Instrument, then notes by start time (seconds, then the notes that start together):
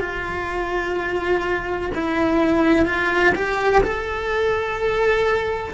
cello
0.00 F4
1.94 E4
2.85 F4
3.35 G4
3.83 A4